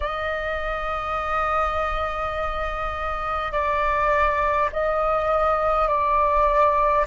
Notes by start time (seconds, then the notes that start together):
0.00 D#5
3.52 D5
4.72 D#5
5.88 D5